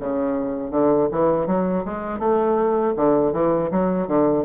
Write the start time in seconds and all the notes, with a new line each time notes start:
0.00 C#3
0.71 D3
1.11 E3
1.47 F#3
1.85 G#3
2.19 A3
2.96 D3
3.33 E3
3.71 F#3
4.07 D3